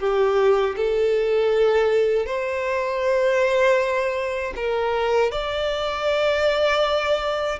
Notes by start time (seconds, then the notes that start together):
0.00 G4
0.77 A4
2.26 C5
4.56 A#4
5.32 D5